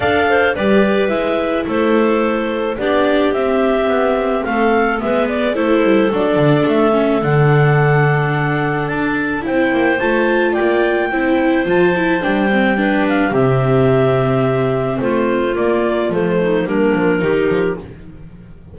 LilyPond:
<<
  \new Staff \with { instrumentName = "clarinet" } { \time 4/4 \tempo 4 = 108 f''4 d''4 e''4 c''4~ | c''4 d''4 e''2 | f''4 e''8 d''8 c''4 d''4 | e''4 fis''2. |
a''4 g''4 a''4 g''4~ | g''4 a''4 g''4. f''8 | e''2. c''4 | d''4 c''4 ais'2 | }
  \new Staff \with { instrumentName = "clarinet" } { \time 4/4 d''8 c''8 b'2 a'4~ | a'4 g'2. | a'4 b'4 a'2~ | a'1~ |
a'4 c''2 d''4 | c''2. b'4 | g'2. f'4~ | f'4. dis'8 d'4 g'4 | }
  \new Staff \with { instrumentName = "viola" } { \time 4/4 a'4 g'4 e'2~ | e'4 d'4 c'2~ | c'4 b4 e'4 d'4~ | d'8 cis'8 d'2.~ |
d'4 e'4 f'2 | e'4 f'8 e'8 d'8 c'8 d'4 | c'1 | ais4 a4 ais4 dis'4 | }
  \new Staff \with { instrumentName = "double bass" } { \time 4/4 d'4 g4 gis4 a4~ | a4 b4 c'4 b4 | a4 gis4 a8 g8 fis8 d8 | a4 d2. |
d'4 c'8 ais8 a4 ais4 | c'4 f4 g2 | c2. a4 | ais4 f4 g8 f8 dis8 f8 | }
>>